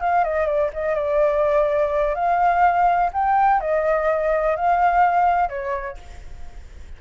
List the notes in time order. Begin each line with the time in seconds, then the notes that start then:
0.00 F5
0.24 D#5
0.46 D5
0.73 D#5
0.95 D5
2.15 F5
3.12 G5
3.60 D#5
4.56 F5
5.49 C#5